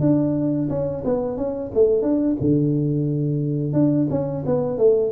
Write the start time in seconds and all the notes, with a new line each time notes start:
0.00 D4
0.69 C#4
1.04 B3
1.37 C#4
1.74 A3
2.02 D4
2.40 D3
3.73 D4
4.10 C#4
4.45 B3
4.78 A3